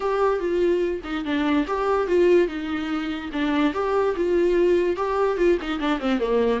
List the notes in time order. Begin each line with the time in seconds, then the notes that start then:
0.00 G4
0.39 F4
1.04 D#4
1.24 D4
1.67 G4
2.07 F4
2.47 D#4
3.32 D4
3.73 G4
4.16 F4
4.96 G4
5.37 F4
5.61 D#4
5.79 D4
5.99 C4
6.19 A#3